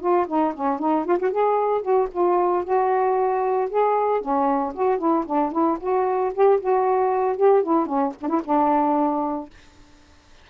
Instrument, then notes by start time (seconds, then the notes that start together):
saxophone
0.00 F4
0.27 D#4
0.54 C#4
0.79 D#4
1.05 F4
1.19 F#4
1.31 G#4
1.82 F#4
2.12 F4
2.64 F#4
3.70 G#4
4.21 C#4
4.74 F#4
4.98 E4
5.26 D4
5.52 E4
5.80 F#4
6.34 G4
6.60 F#4
7.37 G4
7.63 E4
7.86 C#4
8.21 D4
8.28 E4
8.45 D4